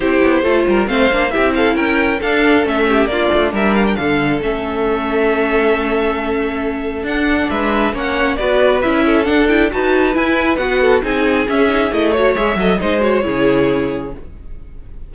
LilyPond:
<<
  \new Staff \with { instrumentName = "violin" } { \time 4/4 \tempo 4 = 136 c''2 f''4 e''8 f''8 | g''4 f''4 e''4 d''4 | e''8 f''16 g''16 f''4 e''2~ | e''1 |
fis''4 e''4 fis''4 d''4 | e''4 fis''8 g''8 a''4 gis''4 | fis''4 gis''4 e''4 dis''8 cis''8 | e''4 dis''8 cis''2~ cis''8 | }
  \new Staff \with { instrumentName = "violin" } { \time 4/4 g'4 a'8 ais'8 c''4 g'8 a'8 | ais'4 a'4. g'8 f'4 | ais'4 a'2.~ | a'1~ |
a'4 b'4 cis''4 b'4~ | b'8 a'4. b'2~ | b'8 a'8 gis'2~ gis'8 cis''8~ | cis''8 dis''8 c''4 gis'2 | }
  \new Staff \with { instrumentName = "viola" } { \time 4/4 e'4 f'4 c'8 d'8 e'4~ | e'4 d'4 cis'4 d'4~ | d'2 cis'2~ | cis'1 |
d'2 cis'4 fis'4 | e'4 d'8 e'8 fis'4 e'4 | fis'4 dis'4 cis'8 dis'8 e'8 fis'8 | gis'8 a'8 dis'8 fis'8 e'2 | }
  \new Staff \with { instrumentName = "cello" } { \time 4/4 c'8 b8 a8 g8 a8 ais8 c'4 | cis'4 d'4 a4 ais8 a8 | g4 d4 a2~ | a1 |
d'4 gis4 ais4 b4 | cis'4 d'4 dis'4 e'4 | b4 c'4 cis'4 a4 | gis8 fis8 gis4 cis2 | }
>>